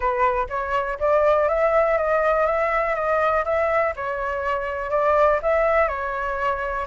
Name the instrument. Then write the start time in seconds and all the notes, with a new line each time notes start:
flute
0.00 B4
0.49 C#5
0.99 D5
1.48 E5
1.97 D#5
2.46 E5
2.95 D#5
3.44 E5
3.96 C#5
4.90 D5
5.42 E5
5.88 C#5